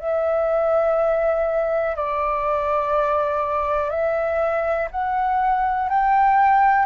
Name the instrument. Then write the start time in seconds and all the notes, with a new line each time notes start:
flute
0.00 E5
1.96 D5
3.90 E5
4.91 F#5
5.90 G5